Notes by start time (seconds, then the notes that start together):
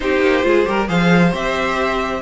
0.00 C4 D#4 G4 C5
0.21 A#3
0.43 G#3 F4 G#4
0.65 G3 G4 A#4
0.87 F3 G#4 C5 F5
1.32 C4 G4 E5